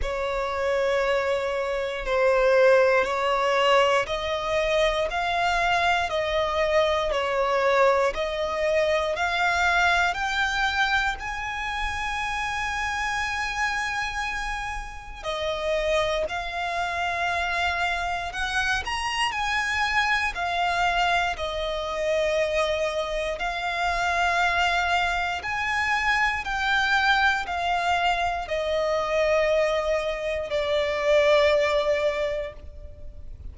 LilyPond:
\new Staff \with { instrumentName = "violin" } { \time 4/4 \tempo 4 = 59 cis''2 c''4 cis''4 | dis''4 f''4 dis''4 cis''4 | dis''4 f''4 g''4 gis''4~ | gis''2. dis''4 |
f''2 fis''8 ais''8 gis''4 | f''4 dis''2 f''4~ | f''4 gis''4 g''4 f''4 | dis''2 d''2 | }